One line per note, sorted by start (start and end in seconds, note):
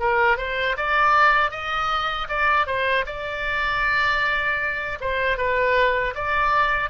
0.00 0.37 A#4
0.37 0.76 C5
0.77 1.51 D5
1.51 2.28 D#5
2.28 2.66 D5
2.66 3.05 C5
3.06 4.98 D5
5.00 5.37 C5
5.37 6.14 B4
6.15 6.90 D5